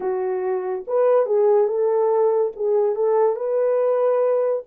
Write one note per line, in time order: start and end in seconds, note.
0.00 0.85 F#4
0.87 1.26 B4
1.26 1.67 G#4
1.67 2.52 A4
2.55 2.95 G#4
2.95 3.36 A4
3.36 4.62 B4